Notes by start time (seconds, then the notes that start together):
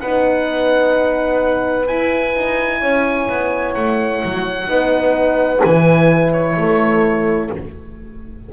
0.00 B3 D#4 B4 F#5
1.87 E4 G#5
2.36 D#4
2.81 C#4 C#5
3.29 B3
3.74 A3 F#5
4.24 F#3
4.67 B3 D#4 B4
5.64 E3 E4 G#5
6.32 C#5
6.56 A3 A4